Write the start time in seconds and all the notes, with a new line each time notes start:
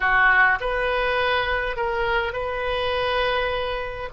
0.00 F#4
0.60 B4
1.76 A#4
2.32 B4